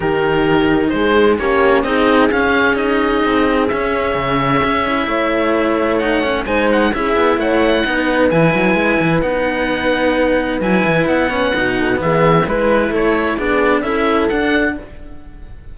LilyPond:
<<
  \new Staff \with { instrumentName = "oboe" } { \time 4/4 \tempo 4 = 130 ais'2 c''4 cis''4 | dis''4 f''4 dis''2 | e''1~ | e''4 fis''4 gis''8 fis''8 e''4 |
fis''2 gis''2 | fis''2. gis''4 | fis''2 e''4 b'4 | cis''4 d''4 e''4 fis''4 | }
  \new Staff \with { instrumentName = "horn" } { \time 4/4 g'2 gis'4 g'4 | gis'1~ | gis'2. cis''4~ | cis''2 c''4 gis'4 |
cis''4 b'2.~ | b'1~ | b'4. a'8 gis'4 b'4 | a'4 gis'4 a'2 | }
  \new Staff \with { instrumentName = "cello" } { \time 4/4 dis'2. cis'4 | dis'4 cis'4 dis'2 | cis'2~ cis'8 e'4.~ | e'4 dis'8 cis'8 dis'4 e'4~ |
e'4 dis'4 e'2 | dis'2. e'4~ | e'8 cis'8 dis'4 b4 e'4~ | e'4 d'4 e'4 d'4 | }
  \new Staff \with { instrumentName = "cello" } { \time 4/4 dis2 gis4 ais4 | c'4 cis'2 c'4 | cis'4 cis4 cis'4 a4~ | a2 gis4 cis'8 b8 |
a4 b4 e8 fis8 gis8 e8 | b2. fis8 e8 | b4 b,4 e4 gis4 | a4 b4 cis'4 d'4 | }
>>